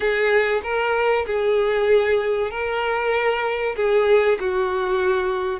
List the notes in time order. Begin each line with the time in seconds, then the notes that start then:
0.00 G#4
0.63 A#4
1.26 G#4
2.50 A#4
3.76 G#4
4.39 F#4